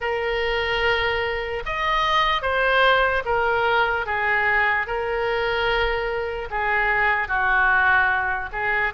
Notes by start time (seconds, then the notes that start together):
0.00 A#4
1.65 D#5
2.42 C5
3.25 A#4
4.06 G#4
4.86 A#4
6.50 G#4
7.28 F#4
8.52 G#4